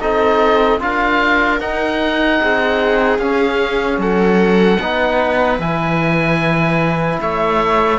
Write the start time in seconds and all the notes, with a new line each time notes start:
0.00 C4 D#4 A4 D#5
0.79 D4 F4 A#4 F5
1.60 D#4 F#5
2.41 C4 G#4
3.18 C#4 F5
3.97 F#3 A4 F#5
4.79 B3 D#4 B4
5.58 E3 E4 G#5
7.21 A3 C#5 E5